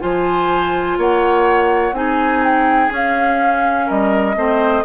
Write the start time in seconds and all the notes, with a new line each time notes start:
0.00 F3 F4 C5 G#5
0.98 A#3 C#5 F#5
1.92 C4 D#4 G#4 G#5
2.44 G5
2.90 C#4 F5
3.86 G3 A#4 D#5
4.36 A3 C4 C5